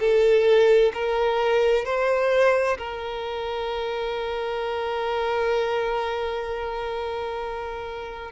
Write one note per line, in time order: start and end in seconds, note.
0.00 0.92 A4
0.94 1.85 A#4
1.85 2.77 C5
2.78 8.32 A#4